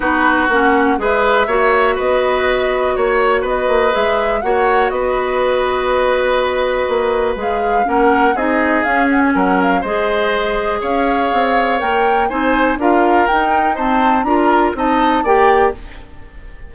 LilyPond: <<
  \new Staff \with { instrumentName = "flute" } { \time 4/4 \tempo 4 = 122 b'4 fis''4 e''2 | dis''2 cis''4 dis''4 | e''4 fis''4 dis''2~ | dis''2. f''4 |
fis''4 dis''4 f''8 fis''16 gis''16 fis''8 f''8 | dis''2 f''2 | g''4 gis''4 f''4 g''4 | a''4 ais''4 a''4 g''4 | }
  \new Staff \with { instrumentName = "oboe" } { \time 4/4 fis'2 b'4 cis''4 | b'2 cis''4 b'4~ | b'4 cis''4 b'2~ | b'1 |
ais'4 gis'2 ais'4 | c''2 cis''2~ | cis''4 c''4 ais'2 | c''4 ais'4 dis''4 d''4 | }
  \new Staff \with { instrumentName = "clarinet" } { \time 4/4 dis'4 cis'4 gis'4 fis'4~ | fis'1 | gis'4 fis'2.~ | fis'2. gis'4 |
cis'4 dis'4 cis'2 | gis'1 | ais'4 dis'4 f'4 dis'4 | c'4 f'4 dis'4 g'4 | }
  \new Staff \with { instrumentName = "bassoon" } { \time 4/4 b4 ais4 gis4 ais4 | b2 ais4 b8 ais8 | gis4 ais4 b2~ | b2 ais4 gis4 |
ais4 c'4 cis'4 fis4 | gis2 cis'4 c'4 | ais4 c'4 d'4 dis'4~ | dis'4 d'4 c'4 ais4 | }
>>